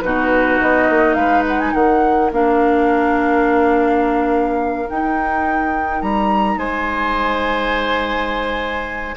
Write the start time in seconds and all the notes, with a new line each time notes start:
0.00 B2 D#4 F#4 B4
0.60 B3 D#5
0.89 A#3
1.13 G#3 B4 F5
1.47 F#5
1.60 G#5
1.73 D#3 A#4 F#5
2.31 A#3 D4 F5
4.84 D#4 G5
4.90 D#4
6.01 G3 A#5
6.56 G#3 C5 G#5